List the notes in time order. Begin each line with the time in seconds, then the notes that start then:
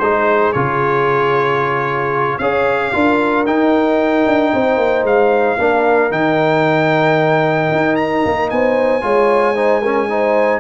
0.00 G#3 D#4 G#4 C5
0.53 C#3 F4 C#5
2.39 C#4 G#4 C#5 F5
2.93 D4 F4 A#4
3.47 D#4 G5
4.27 D4
4.54 C4 C5
4.78 A#3
5.04 G#3 F5
5.59 A#3 D4 A#4
6.11 D#3 D#4 G5
7.72 D#4
7.96 A#5
8.26 A#3
8.50 B3 C5 G#5
9.02 G#3 F4 C#5
9.56 D#4 C5
9.81 C#4 A#4
10.10 D#4 C5